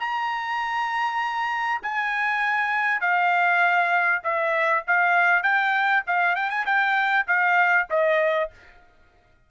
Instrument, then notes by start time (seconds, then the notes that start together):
trumpet
0.00 A#5
1.83 G#5
3.01 F5
4.24 E5
4.88 F5
5.43 G5
6.07 F5
6.36 G5
6.50 G#5
6.66 G5
7.28 F5
7.90 D#5